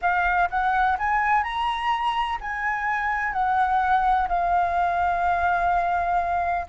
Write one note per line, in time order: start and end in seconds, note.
0.01 0.49 F5
0.50 0.97 F#5
0.98 1.43 G#5
1.43 2.38 A#5
2.40 3.32 G#5
3.32 4.28 F#5
4.28 6.66 F5